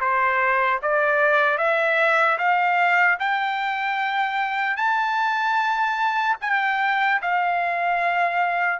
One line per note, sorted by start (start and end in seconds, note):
0.00 0.80 C5
0.82 1.57 D5
1.57 2.37 E5
2.38 3.18 F5
3.19 4.76 G5
4.76 6.36 A5
6.41 7.21 G5
7.21 8.79 F5